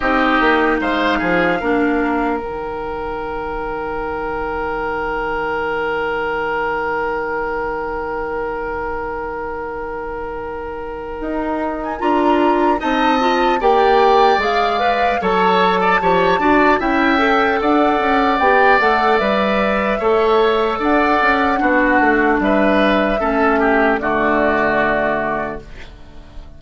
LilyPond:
<<
  \new Staff \with { instrumentName = "flute" } { \time 4/4 \tempo 4 = 75 dis''4 f''2 g''4~ | g''1~ | g''1~ | g''2~ g''8. gis''16 ais''4 |
a''4 g''4 f''4 a''4~ | a''4 g''4 fis''4 g''8 fis''8 | e''2 fis''2 | e''2 d''2 | }
  \new Staff \with { instrumentName = "oboe" } { \time 4/4 g'4 c''8 gis'8 ais'2~ | ais'1~ | ais'1~ | ais'1 |
dis''4 d''2 cis''8. d''16 | cis''8 d''8 e''4 d''2~ | d''4 cis''4 d''4 fis'4 | b'4 a'8 g'8 fis'2 | }
  \new Staff \with { instrumentName = "clarinet" } { \time 4/4 dis'2 d'4 dis'4~ | dis'1~ | dis'1~ | dis'2. f'4 |
dis'8 f'8 g'4 gis'8 b'8 a'4 | g'8 fis'8 e'8 a'4. g'8 a'8 | b'4 a'2 d'4~ | d'4 cis'4 a2 | }
  \new Staff \with { instrumentName = "bassoon" } { \time 4/4 c'8 ais8 gis8 f8 ais4 dis4~ | dis1~ | dis1~ | dis2 dis'4 d'4 |
c'4 ais4 gis4 fis4 | f8 d'8 cis'4 d'8 cis'8 b8 a8 | g4 a4 d'8 cis'8 b8 a8 | g4 a4 d2 | }
>>